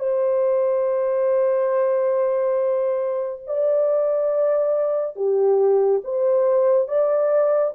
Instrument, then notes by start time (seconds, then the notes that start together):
horn
0.00 C5
3.48 D5
5.17 G4
6.05 C5
6.88 D5